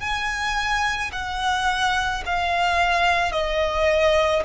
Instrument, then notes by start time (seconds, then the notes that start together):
violin
0.00 G#5
1.13 F#5
2.26 F5
3.32 D#5